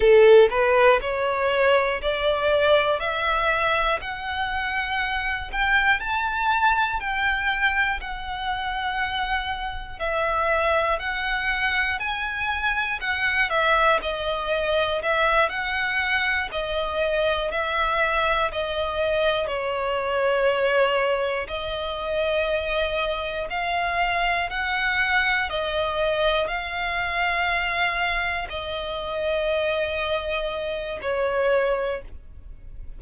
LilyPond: \new Staff \with { instrumentName = "violin" } { \time 4/4 \tempo 4 = 60 a'8 b'8 cis''4 d''4 e''4 | fis''4. g''8 a''4 g''4 | fis''2 e''4 fis''4 | gis''4 fis''8 e''8 dis''4 e''8 fis''8~ |
fis''8 dis''4 e''4 dis''4 cis''8~ | cis''4. dis''2 f''8~ | f''8 fis''4 dis''4 f''4.~ | f''8 dis''2~ dis''8 cis''4 | }